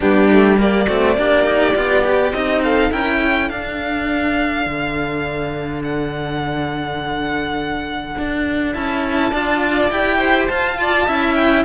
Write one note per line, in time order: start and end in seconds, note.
0.00 0.88 G3
0.00 0.30 B3
0.00 0.58 D4
0.00 0.59 G4
0.30 0.57 A3
0.57 0.86 A#3
0.57 0.86 G4
0.57 2.32 D5
0.86 1.16 A3
0.86 1.17 C4
0.86 1.16 F#4
1.16 1.75 A#3
1.16 1.45 D4
1.16 2.63 G4
1.45 1.74 D#4
1.74 2.31 B3
1.74 2.04 F4
2.04 2.33 G4
2.31 2.90 C4
2.31 2.91 D#4
2.31 2.61 D#5
2.63 2.92 A4
2.63 2.92 F5
2.91 3.50 C#4
2.91 3.49 E4
2.91 3.18 A#4
2.91 3.49 G5
3.18 9.30 A4
3.49 8.73 D4
3.49 4.66 D4
3.49 5.82 F5
4.66 8.15 D3
5.83 8.74 F#5
8.18 8.75 D4
8.73 9.31 C#4
8.73 9.31 E4
8.73 9.90 A5
9.30 9.89 D4
9.30 9.91 F4
9.30 10.17 D5
9.90 10.48 E4
9.90 10.49 G4
9.90 10.47 G5
10.18 10.76 C5
10.47 11.07 F4
10.47 11.34 A5
10.81 11.06 D5
11.06 11.64 C#4
11.06 11.64 E4
11.06 11.64 E5
11.35 11.64 G5